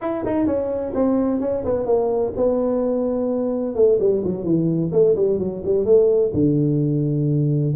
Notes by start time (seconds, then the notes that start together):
0.01 E4
0.25 D#4
0.46 C#4
0.94 C4
1.40 C#4
1.64 B3
1.86 A#3
2.36 B3
3.75 A3
3.99 G3
4.24 F#3
4.43 E3
4.91 A3
5.15 G3
5.38 F#3
5.65 G3
5.85 A3
6.33 D3